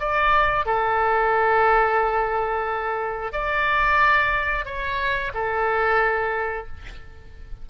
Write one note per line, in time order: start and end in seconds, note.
0.00 0.66 D5
0.66 3.33 A4
3.33 4.66 D5
4.66 5.32 C#5
5.35 6.68 A4